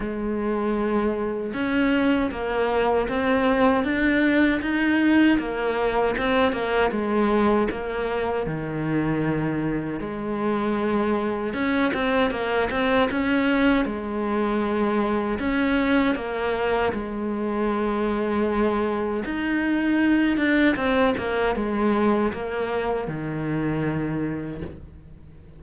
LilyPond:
\new Staff \with { instrumentName = "cello" } { \time 4/4 \tempo 4 = 78 gis2 cis'4 ais4 | c'4 d'4 dis'4 ais4 | c'8 ais8 gis4 ais4 dis4~ | dis4 gis2 cis'8 c'8 |
ais8 c'8 cis'4 gis2 | cis'4 ais4 gis2~ | gis4 dis'4. d'8 c'8 ais8 | gis4 ais4 dis2 | }